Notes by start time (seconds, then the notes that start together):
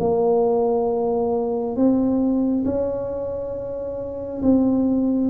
0.00 A#3
1.76 C4
2.65 C#4
4.43 C4